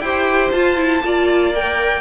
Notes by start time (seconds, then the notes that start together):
0.00 E4 G4 C5 G5
0.52 F4 A5
0.77 E4
1.03 A#3 F4 D5
1.55 A#4 G5